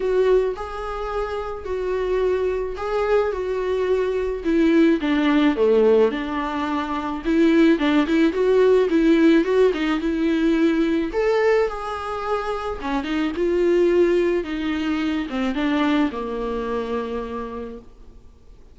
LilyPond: \new Staff \with { instrumentName = "viola" } { \time 4/4 \tempo 4 = 108 fis'4 gis'2 fis'4~ | fis'4 gis'4 fis'2 | e'4 d'4 a4 d'4~ | d'4 e'4 d'8 e'8 fis'4 |
e'4 fis'8 dis'8 e'2 | a'4 gis'2 cis'8 dis'8 | f'2 dis'4. c'8 | d'4 ais2. | }